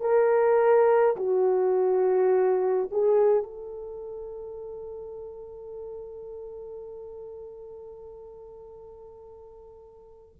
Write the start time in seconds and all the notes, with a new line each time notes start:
0.00 A#4
1.16 F#4
2.91 G#4
3.43 A4